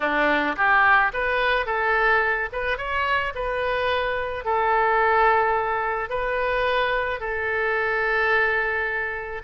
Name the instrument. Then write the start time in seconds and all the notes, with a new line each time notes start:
oboe
0.00 D4
0.56 G4
1.13 B4
1.65 A4
2.52 B4
2.77 C#5
3.34 B4
4.44 A4
6.09 B4
7.19 A4